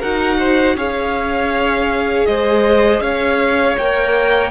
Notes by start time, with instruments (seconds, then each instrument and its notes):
0.00 cello D#4, viola F#4, violin A#4 F#5
0.39 violin C5
0.75 cello C#4, viola G#4, violin C#5 F5
2.26 cello G#3, violin C5 D#5
3.01 cello C#4, violin C#5 F5
3.78 cello A#3, viola A#4, violin G5